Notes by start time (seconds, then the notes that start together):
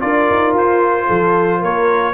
0.00 D4 F4 A#4 D5
0.30 D#4
0.54 F4 C5
1.07 F3 A4
1.59 A#3 A#4 C#5